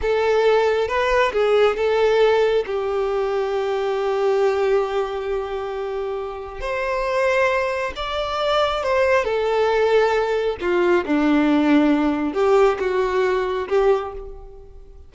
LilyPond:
\new Staff \with { instrumentName = "violin" } { \time 4/4 \tempo 4 = 136 a'2 b'4 gis'4 | a'2 g'2~ | g'1~ | g'2. c''4~ |
c''2 d''2 | c''4 a'2. | f'4 d'2. | g'4 fis'2 g'4 | }